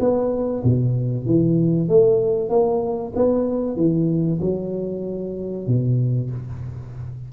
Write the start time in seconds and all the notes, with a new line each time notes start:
0.00 B3
0.64 B2
1.26 E3
1.89 A3
2.50 A#3
3.16 B3
3.77 E3
4.41 F#3
5.68 B2